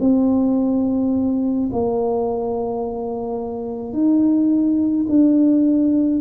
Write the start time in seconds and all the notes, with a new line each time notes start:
0.00 C4
1.72 A#3
3.93 D#4
5.09 D4